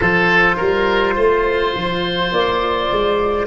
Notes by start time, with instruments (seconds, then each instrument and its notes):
0.00 tuba F3, cello F4, oboe A4, flute C5
0.56 tuba G3, oboe A#4
1.15 tuba A3, oboe C5
1.75 tuba F3
2.31 tuba A#3, flute D5
2.91 tuba G#3